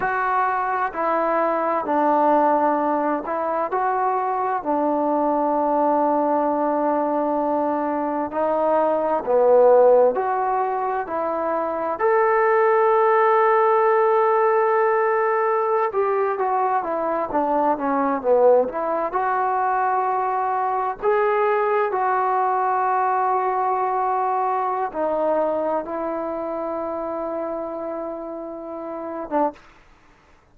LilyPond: \new Staff \with { instrumentName = "trombone" } { \time 4/4 \tempo 4 = 65 fis'4 e'4 d'4. e'8 | fis'4 d'2.~ | d'4 dis'4 b4 fis'4 | e'4 a'2.~ |
a'4~ a'16 g'8 fis'8 e'8 d'8 cis'8 b16~ | b16 e'8 fis'2 gis'4 fis'16~ | fis'2. dis'4 | e'2.~ e'8. d'16 | }